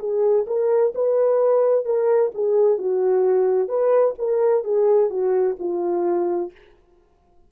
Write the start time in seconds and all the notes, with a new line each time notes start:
0.00 G#4
0.47 A#4
0.95 B4
1.85 A#4
2.35 G#4
2.78 F#4
3.69 B4
4.19 A#4
4.64 G#4
5.11 F#4
5.60 F4